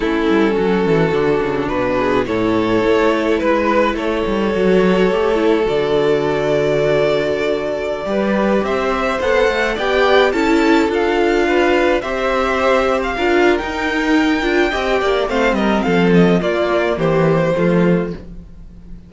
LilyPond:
<<
  \new Staff \with { instrumentName = "violin" } { \time 4/4 \tempo 4 = 106 a'2. b'4 | cis''2 b'4 cis''4~ | cis''2 d''2~ | d''2.~ d''16 e''8.~ |
e''16 fis''4 g''4 a''4 f''8.~ | f''4~ f''16 e''4.~ e''16 f''4 | g''2. f''8 dis''8 | f''8 dis''8 d''4 c''2 | }
  \new Staff \with { instrumentName = "violin" } { \time 4/4 e'4 fis'2~ fis'8 gis'8 | a'2 b'4 a'4~ | a'1~ | a'2~ a'16 b'4 c''8.~ |
c''4~ c''16 d''4 a'4.~ a'16~ | a'16 b'4 c''2 ais'8.~ | ais'2 dis''8 d''8 c''8 ais'8 | a'4 f'4 g'4 f'4 | }
  \new Staff \with { instrumentName = "viola" } { \time 4/4 cis'2 d'2 | e'1 | fis'4 g'8 e'8 fis'2~ | fis'2~ fis'16 g'4.~ g'16~ |
g'16 a'4 g'4 e'4 f'8.~ | f'4~ f'16 g'2 f'8. | dis'4. f'8 g'4 c'4~ | c'4 ais2 a4 | }
  \new Staff \with { instrumentName = "cello" } { \time 4/4 a8 g8 fis8 e8 d8 cis8 b,4 | a,4 a4 gis4 a8 g8 | fis4 a4 d2~ | d2~ d16 g4 c'8.~ |
c'16 b8 a8 b4 cis'4 d'8.~ | d'4~ d'16 c'2 d'8. | dis'4. d'8 c'8 ais8 a8 g8 | f4 ais4 e4 f4 | }
>>